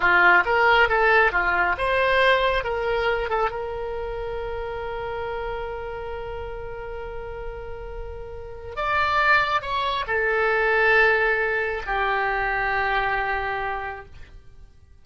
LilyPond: \new Staff \with { instrumentName = "oboe" } { \time 4/4 \tempo 4 = 137 f'4 ais'4 a'4 f'4 | c''2 ais'4. a'8 | ais'1~ | ais'1~ |
ais'1 | d''2 cis''4 a'4~ | a'2. g'4~ | g'1 | }